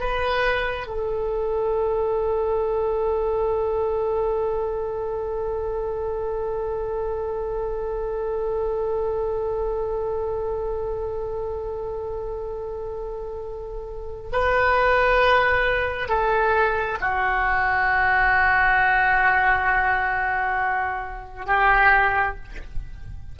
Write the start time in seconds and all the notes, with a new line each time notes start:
0.00 B4
0.87 A4
14.32 B4
16.09 A4
17.01 F#4
21.46 G4